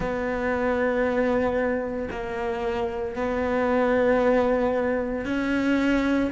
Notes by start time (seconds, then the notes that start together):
0.00 B3
2.11 A#3
3.15 B3
5.25 C#4